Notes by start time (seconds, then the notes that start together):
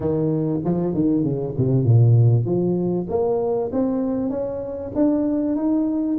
0.00 D#3
0.65 F3
0.93 D#3
1.23 C#3
1.57 C3
1.84 A#2
2.45 F3
3.09 A#3
3.72 C4
4.30 C#4
4.95 D4
5.56 D#4